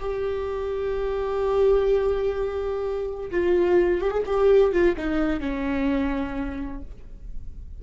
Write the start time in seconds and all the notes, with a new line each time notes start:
0.00 G4
3.31 F4
4.02 G4
4.11 G#4
4.26 G4
4.73 F4
4.97 D#4
5.41 C#4